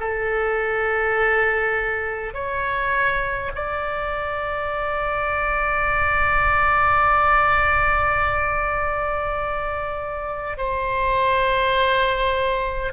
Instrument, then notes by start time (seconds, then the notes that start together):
oboe
0.00 A4
2.34 C#5
3.55 D5
10.57 C5